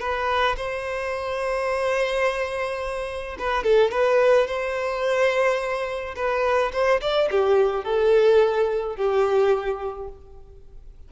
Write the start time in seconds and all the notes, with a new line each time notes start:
0.00 B4
0.57 C5
3.39 B4
3.64 A4
3.91 B4
4.47 C5
6.16 B4
6.73 C5
7.01 D5
7.31 G4
7.85 A4
8.96 G4